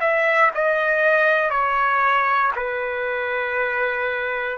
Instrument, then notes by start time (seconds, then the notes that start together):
trumpet
0.00 E5
0.55 D#5
1.50 C#5
2.56 B4